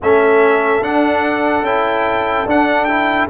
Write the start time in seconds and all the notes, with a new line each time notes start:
0.02 A3 C#4 A4 E5
0.81 D4 F#5
1.62 C#4 E4 G5
2.45 D4 F#5
2.84 E4 G5